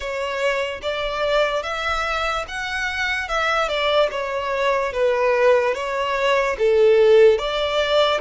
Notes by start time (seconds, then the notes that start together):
0.00 C#5
0.82 D5
1.63 E5
2.48 F#5
3.28 E5
3.68 D5
4.11 C#5
4.92 B4
5.74 C#5
6.58 A4
7.38 D5